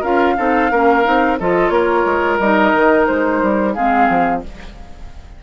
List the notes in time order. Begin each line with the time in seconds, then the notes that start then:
0.00 C#4 F4 A#4 F5
0.37 C4 D#4 A4
0.71 A#3 C#4 A#4
1.03 C4 D#4
1.39 F3 F4 A4 D#5
1.69 A#3 A#4 C#5
2.05 G#3
2.38 G3 D#4 D#5
2.74 D#3
3.06 G#3 C5
3.42 G3
3.73 G#3 C4 G#4 F5
4.08 F3